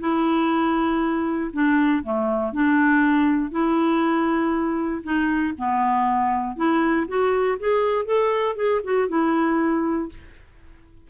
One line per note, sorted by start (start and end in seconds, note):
0.00 1.51 E4
1.53 2.04 D4
2.04 2.53 A3
2.53 3.51 D4
3.51 5.03 E4
5.04 5.54 D#4
5.58 6.56 B3
6.56 7.07 E4
7.08 7.58 F#4
7.60 8.06 G#4
8.06 8.56 A4
8.56 8.81 G#4
8.84 9.09 F#4
9.09 10.10 E4